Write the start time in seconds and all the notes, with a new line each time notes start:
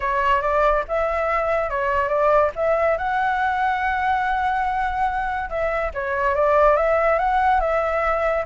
0.00 C#5
0.41 D5
0.88 E5
1.70 C#5
2.08 D5
2.55 E5
2.97 F#5
5.49 E5
5.94 C#5
6.35 D5
6.76 E5
7.19 F#5
7.60 E5